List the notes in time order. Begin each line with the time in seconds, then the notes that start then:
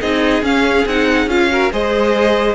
0.00 C4 D#4 G#4 D#5
0.42 C#4 F5
0.85 C4 D#4 F#5
1.26 C#4 F4 F5
1.50 F#4 A#4
1.72 G#3 G#4 C5 D#5